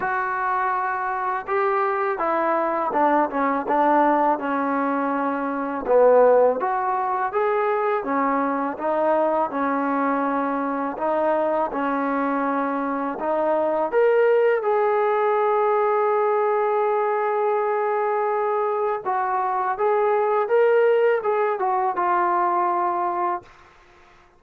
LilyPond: \new Staff \with { instrumentName = "trombone" } { \time 4/4 \tempo 4 = 82 fis'2 g'4 e'4 | d'8 cis'8 d'4 cis'2 | b4 fis'4 gis'4 cis'4 | dis'4 cis'2 dis'4 |
cis'2 dis'4 ais'4 | gis'1~ | gis'2 fis'4 gis'4 | ais'4 gis'8 fis'8 f'2 | }